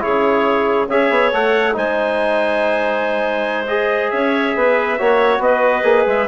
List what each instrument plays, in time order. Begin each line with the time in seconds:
0.00 bassoon C#3, trombone E4, clarinet G#4, trumpet C#5
0.88 bassoon C#4, trombone G#4, clarinet C#5, trumpet E5
1.10 bassoon B3
1.33 bassoon A3, trombone A4, trumpet F#5
1.72 bassoon G#3, trombone D#4, clarinet C5, trumpet G#5
3.67 trombone G#4, trumpet D#5
4.10 bassoon C#4, clarinet C#5, trumpet E5
4.56 bassoon B3, clarinet B4
4.98 bassoon A#3, trombone F#4, clarinet C#5
5.38 bassoon B3, clarinet B4, trumpet D#5
5.83 bassoon A#3, trombone G#4
6.06 bassoon G#3, trumpet E5